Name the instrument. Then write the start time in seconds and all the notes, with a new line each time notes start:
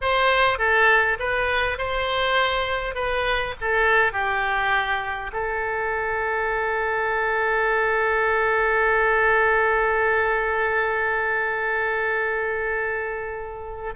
oboe
0.01 C5
0.58 A4
1.19 B4
1.78 C5
2.94 B4
3.60 A4
4.12 G4
5.32 A4